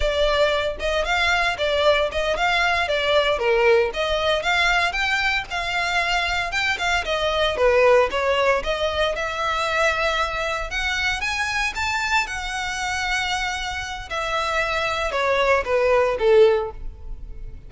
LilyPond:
\new Staff \with { instrumentName = "violin" } { \time 4/4 \tempo 4 = 115 d''4. dis''8 f''4 d''4 | dis''8 f''4 d''4 ais'4 dis''8~ | dis''8 f''4 g''4 f''4.~ | f''8 g''8 f''8 dis''4 b'4 cis''8~ |
cis''8 dis''4 e''2~ e''8~ | e''8 fis''4 gis''4 a''4 fis''8~ | fis''2. e''4~ | e''4 cis''4 b'4 a'4 | }